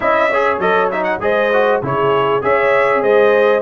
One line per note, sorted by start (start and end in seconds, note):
0.00 0.58 C#4
0.00 0.30 E4
0.00 0.30 D#5
0.00 0.59 E5
0.30 0.60 G#4
0.30 1.21 C#5
0.58 1.18 F#3
0.58 0.91 A4
0.58 0.90 D#5
0.90 1.20 D#4
0.90 1.03 E5
1.03 1.18 F#5
1.19 1.79 G#3
1.19 1.50 G#4
1.19 1.83 C5
1.19 1.82 D#5
1.52 1.82 F#4
1.82 2.42 C#3
1.82 2.41 E4
1.82 2.44 G#4
1.82 2.43 C#5
2.41 3.02 C#4
2.41 3.61 G#4
2.41 3.02 C#5
2.41 3.02 E5
3.02 3.61 G#3
3.02 3.61 C5
3.02 3.61 D#5